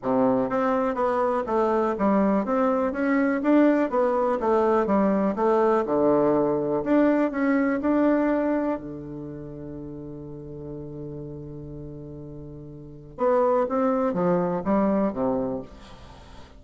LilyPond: \new Staff \with { instrumentName = "bassoon" } { \time 4/4 \tempo 4 = 123 c4 c'4 b4 a4 | g4 c'4 cis'4 d'4 | b4 a4 g4 a4 | d2 d'4 cis'4 |
d'2 d2~ | d1~ | d2. b4 | c'4 f4 g4 c4 | }